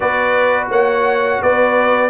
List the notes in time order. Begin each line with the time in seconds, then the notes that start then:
0.00 B3 F#4 B4 D5
0.70 A#3 C#5 F#5
1.42 B3 B4 D5